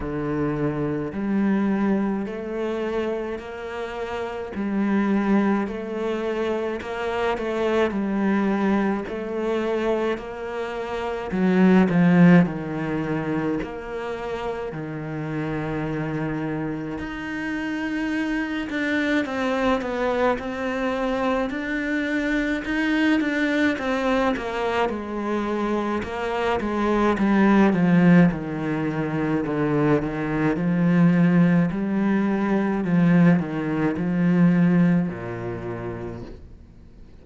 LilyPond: \new Staff \with { instrumentName = "cello" } { \time 4/4 \tempo 4 = 53 d4 g4 a4 ais4 | g4 a4 ais8 a8 g4 | a4 ais4 fis8 f8 dis4 | ais4 dis2 dis'4~ |
dis'8 d'8 c'8 b8 c'4 d'4 | dis'8 d'8 c'8 ais8 gis4 ais8 gis8 | g8 f8 dis4 d8 dis8 f4 | g4 f8 dis8 f4 ais,4 | }